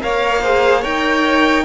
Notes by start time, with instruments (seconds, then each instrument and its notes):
0.00 cello A#3, viola A#4, violin C#5 F5
0.42 viola G#4, violin C5
0.81 cello D#4, viola A#4, violin C#5 G5